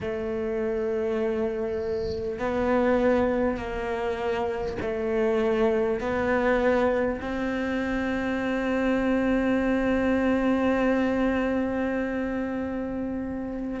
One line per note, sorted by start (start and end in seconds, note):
0.01 2.38 A3
2.38 3.57 B3
3.57 4.77 A#3
4.81 6.00 A3
6.00 7.20 B3
7.21 13.80 C4